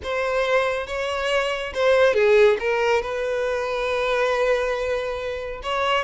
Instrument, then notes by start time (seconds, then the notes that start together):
violin
0.03 C5
0.87 C#5
1.74 C5
2.14 G#4
2.59 A#4
3.02 B4
5.62 C#5